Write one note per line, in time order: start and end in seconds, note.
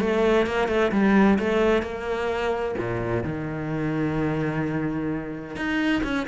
0.00 0.46 A3
0.46 0.68 A#3
0.68 0.91 A3
0.92 1.38 G3
1.39 1.82 A3
1.82 2.75 A#3
2.78 3.24 A#2
3.24 5.56 D#3
5.56 6.03 D#4
6.03 6.27 C#4